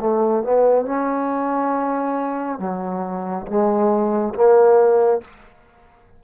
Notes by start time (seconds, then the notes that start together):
0.00 A3
0.43 B3
0.85 C#4
2.59 F#3
3.47 G#3
4.34 A#3